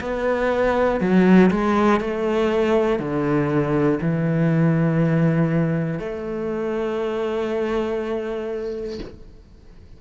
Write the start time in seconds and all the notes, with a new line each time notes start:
0.00 B3
1.00 F#3
1.50 G#3
2.00 A3
2.99 D3
4.01 E3
5.99 A3